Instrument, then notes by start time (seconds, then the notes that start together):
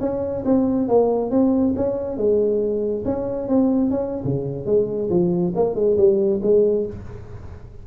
tuba
0.00 C#4
0.45 C4
0.88 A#3
1.30 C4
1.76 C#4
2.17 G#3
3.05 C#4
3.48 C4
3.90 C#4
4.24 C#3
4.66 G#3
5.09 F3
5.55 A#3
5.75 G#3
5.97 G3
6.42 G#3